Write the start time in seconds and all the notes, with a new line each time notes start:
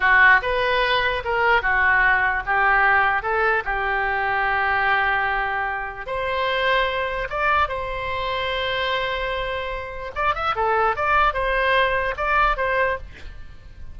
0.00 F#4
0.42 B4
1.24 A#4
1.62 F#4
2.46 G4
3.22 A4
3.64 G4
6.06 C5
7.29 D5
7.68 C5
10.15 D5
10.34 E5
10.55 A4
10.96 D5
11.33 C5
12.16 D5
12.57 C5